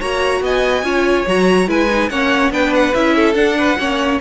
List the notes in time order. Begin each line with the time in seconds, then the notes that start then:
0.00 A#3 F#4 C#5 A#5
0.41 B3 D#5 G#5
0.83 C#4 F4 C#5
1.27 F#3 F#4 A#5
1.68 G#3 E4 B4 G#5
1.90 D#4
2.10 A#3 C#4 C#5 F#5
2.50 B3 D4 B4 G5
2.75 F#5
2.94 C#4 E4 E5
3.16 A4
3.34 D4 F#5
3.58 B4
3.79 A#3 C#4 C#5